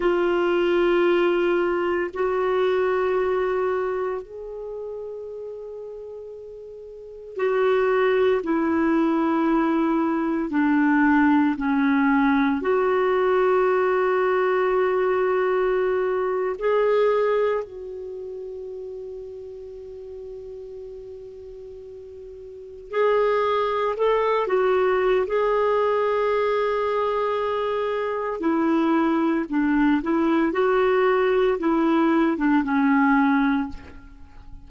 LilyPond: \new Staff \with { instrumentName = "clarinet" } { \time 4/4 \tempo 4 = 57 f'2 fis'2 | gis'2. fis'4 | e'2 d'4 cis'4 | fis'2.~ fis'8. gis'16~ |
gis'8. fis'2.~ fis'16~ | fis'4.~ fis'16 gis'4 a'8 fis'8. | gis'2. e'4 | d'8 e'8 fis'4 e'8. d'16 cis'4 | }